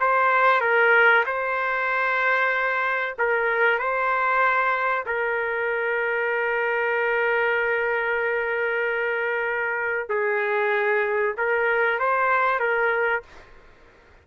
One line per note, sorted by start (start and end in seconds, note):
0.00 0.61 C5
0.61 1.24 A#4
1.25 3.15 C5
3.18 3.78 A#4
3.78 5.05 C5
5.06 10.09 A#4
10.09 11.35 G#4
11.37 11.99 A#4
11.99 12.59 C5
12.59 13.23 A#4